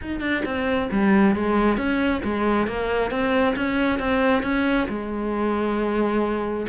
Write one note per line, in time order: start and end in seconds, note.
0.01 0.20 D#4
0.20 0.42 D4
0.45 0.89 C4
0.91 1.35 G3
1.35 1.77 G#3
1.77 2.21 C#4
2.24 2.67 G#3
2.67 3.10 A#3
3.10 3.55 C4
3.56 3.99 C#4
3.99 4.42 C4
4.42 4.87 C#4
4.88 6.66 G#3